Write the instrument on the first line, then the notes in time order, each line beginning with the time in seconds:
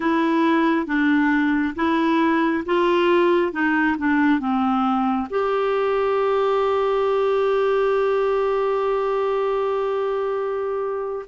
clarinet
0.00 E4
0.86 D4
1.75 E4
2.65 F4
3.52 D#4
3.98 D4
4.39 C4
5.29 G4